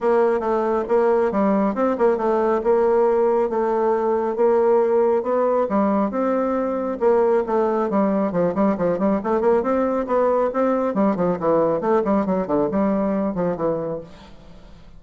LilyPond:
\new Staff \with { instrumentName = "bassoon" } { \time 4/4 \tempo 4 = 137 ais4 a4 ais4 g4 | c'8 ais8 a4 ais2 | a2 ais2 | b4 g4 c'2 |
ais4 a4 g4 f8 g8 | f8 g8 a8 ais8 c'4 b4 | c'4 g8 f8 e4 a8 g8 | fis8 d8 g4. f8 e4 | }